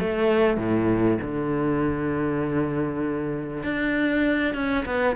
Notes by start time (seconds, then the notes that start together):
0.00 A3
0.58 A2
1.22 D3
3.63 D4
4.55 C#4
4.86 B3